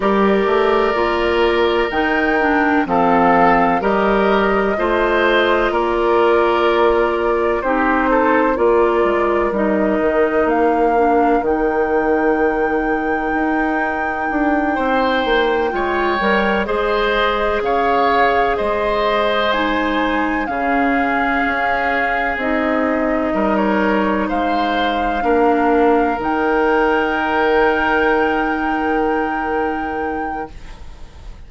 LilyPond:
<<
  \new Staff \with { instrumentName = "flute" } { \time 4/4 \tempo 4 = 63 d''2 g''4 f''4 | dis''2 d''2 | c''4 d''4 dis''4 f''4 | g''1~ |
g''4. dis''4 f''4 dis''8~ | dis''8 gis''4 f''2 dis''8~ | dis''8. cis''8. f''2 g''8~ | g''1 | }
  \new Staff \with { instrumentName = "oboe" } { \time 4/4 ais'2. a'4 | ais'4 c''4 ais'2 | g'8 a'8 ais'2.~ | ais'2.~ ais'8 c''8~ |
c''8 cis''4 c''4 cis''4 c''8~ | c''4. gis'2~ gis'8~ | gis'8 ais'4 c''4 ais'4.~ | ais'1 | }
  \new Staff \with { instrumentName = "clarinet" } { \time 4/4 g'4 f'4 dis'8 d'8 c'4 | g'4 f'2. | dis'4 f'4 dis'4. d'8 | dis'1~ |
dis'8 f'8 ais'8 gis'2~ gis'8~ | gis'8 dis'4 cis'2 dis'8~ | dis'2~ dis'8 d'4 dis'8~ | dis'1 | }
  \new Staff \with { instrumentName = "bassoon" } { \time 4/4 g8 a8 ais4 dis4 f4 | g4 a4 ais2 | c'4 ais8 gis8 g8 dis8 ais4 | dis2 dis'4 d'8 c'8 |
ais8 gis8 g8 gis4 cis4 gis8~ | gis4. cis4 cis'4 c'8~ | c'8 g4 gis4 ais4 dis8~ | dis1 | }
>>